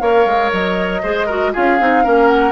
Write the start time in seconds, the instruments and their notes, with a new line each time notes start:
0.00 bassoon A#3, clarinet A#4, oboe C#5, flute F5
0.25 bassoon G#3
0.52 bassoon F#3, flute D#5
1.03 bassoon G#3, clarinet G#4, oboe C5
1.26 clarinet F#4, oboe A#4
1.53 bassoon C#4, clarinet F4, oboe G#4, flute F5
1.80 bassoon C4, clarinet D#4
2.04 bassoon A#3, clarinet C#4, oboe A#4
2.27 flute F#5